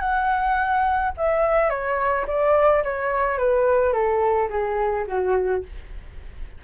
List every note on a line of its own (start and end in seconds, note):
0.00 1.12 F#5
1.18 1.70 E5
1.70 2.26 C#5
2.28 2.84 D5
2.84 3.38 C#5
3.38 3.93 B4
3.93 4.49 A4
4.50 5.06 G#4
5.07 5.64 F#4